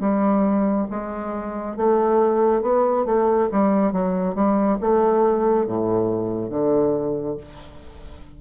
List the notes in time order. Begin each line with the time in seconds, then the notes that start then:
0.00 G3
0.90 G#3
1.77 A3
2.62 B3
3.06 A3
3.51 G3
3.92 F#3
4.34 G3
4.80 A3
5.66 A2
6.50 D3